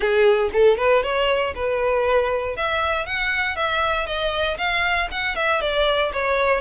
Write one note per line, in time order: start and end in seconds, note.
0.00 0.50 G#4
0.52 0.77 A4
0.77 1.03 B4
1.03 1.53 C#5
1.55 2.56 B4
2.56 3.06 E5
3.06 3.55 F#5
3.55 4.06 E5
4.06 4.57 D#5
4.57 5.08 F5
5.11 5.35 F#5
5.35 5.61 E5
5.61 6.12 D5
6.12 6.60 C#5